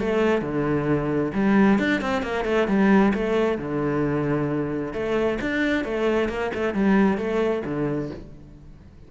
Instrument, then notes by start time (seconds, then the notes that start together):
cello
0.00 A3
0.42 D3
1.35 G3
1.79 D4
2.01 C4
2.23 A#3
2.45 A3
2.68 G3
3.14 A3
3.58 D3
4.94 A3
5.41 D4
5.85 A3
6.29 A#3
6.55 A3
6.74 G3
7.18 A3
7.65 D3